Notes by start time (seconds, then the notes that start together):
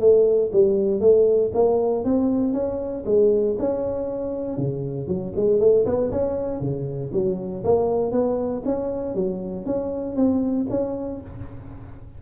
0.00 A3
0.52 G3
1.01 A3
1.54 A#3
2.04 C4
2.53 C#4
3.06 G#3
3.59 C#4
4.58 C#3
5.08 F#3
5.36 G#3
5.60 A3
5.85 B3
6.11 C#4
6.61 C#3
7.13 F#3
7.64 A#3
8.12 B3
8.65 C#4
9.15 F#3
9.66 C#4
10.16 C4
10.70 C#4